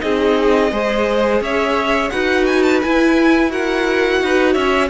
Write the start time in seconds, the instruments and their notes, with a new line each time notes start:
0.00 cello C4, viola D#4, violin G#4 D#5
0.71 cello G#3, viola G#4, violin C5
1.41 cello C#4, violin C#5 E5
2.10 cello D#4, viola F#4, violin B4 F#5
2.46 violin G#5
2.62 violin A5
2.81 viola E4, cello E4, violin G#5
3.50 viola F#4, violin A#4 F#5
4.22 cello D#4, violin B4
4.53 cello C#4, violin C#5 E5